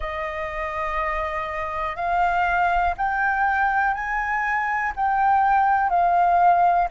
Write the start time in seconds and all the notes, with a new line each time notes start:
0.00 D#5
1.95 F5
2.97 G5
3.93 G#5
4.95 G5
5.89 F5